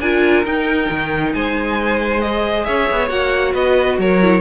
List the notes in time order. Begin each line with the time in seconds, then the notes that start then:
0.00 D4 F4 A#4 G#5
0.45 D#4 G5
0.90 D#3
1.33 G#3 C5 G#5
2.20 G#4 D#5
2.64 C#4 C#5 E5
2.91 B3
3.08 A#3 F#4 F#5
3.53 B3 B4 D#5
3.98 F#3 A#4 C#5
4.22 E4